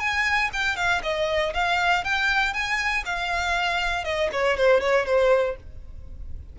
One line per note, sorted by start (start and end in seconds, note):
0.00 0.50 G#5
0.53 0.76 G5
0.76 1.02 F5
1.03 1.54 D#5
1.54 2.04 F5
2.04 2.53 G5
2.53 3.04 G#5
3.06 4.04 F5
4.04 4.29 D#5
4.32 4.57 C#5
4.57 4.81 C5
4.81 5.06 C#5
5.06 5.56 C5